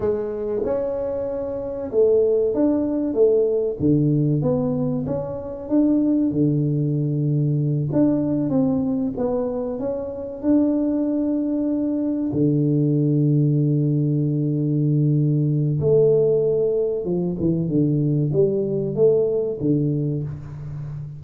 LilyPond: \new Staff \with { instrumentName = "tuba" } { \time 4/4 \tempo 4 = 95 gis4 cis'2 a4 | d'4 a4 d4 b4 | cis'4 d'4 d2~ | d8 d'4 c'4 b4 cis'8~ |
cis'8 d'2. d8~ | d1~ | d4 a2 f8 e8 | d4 g4 a4 d4 | }